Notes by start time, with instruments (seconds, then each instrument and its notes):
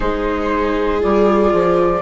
0.00 bassoon G#3, viola D#4 G#4, flute C5
1.00 bassoon G3, viola F4, flute D5
1.53 bassoon F3